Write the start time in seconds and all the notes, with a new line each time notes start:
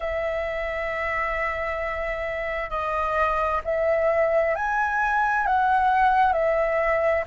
0.00 E5
2.70 D#5
3.64 E5
4.55 G#5
5.46 F#5
6.33 E5